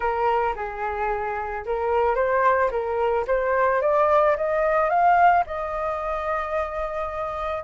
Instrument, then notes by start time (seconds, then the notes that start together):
flute
0.00 A#4
0.55 G#4
1.65 A#4
2.15 C5
2.70 A#4
3.27 C5
3.81 D5
4.36 D#5
4.89 F5
5.46 D#5